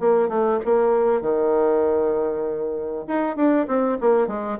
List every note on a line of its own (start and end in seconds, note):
0.00 0.29 A#3
0.29 0.60 A3
0.65 1.22 A#3
1.22 3.06 D#3
3.08 3.36 D#4
3.36 3.67 D4
3.68 3.98 C4
4.01 4.27 A#3
4.27 4.58 G#3